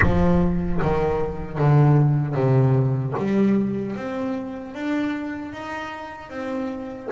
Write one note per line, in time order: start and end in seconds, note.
0.01 0.80 F3
0.81 1.58 D#3
1.58 2.34 D3
2.34 3.13 C3
3.17 3.95 G3
3.95 4.74 C4
4.74 5.52 D4
5.52 6.29 D#4
6.29 7.08 C4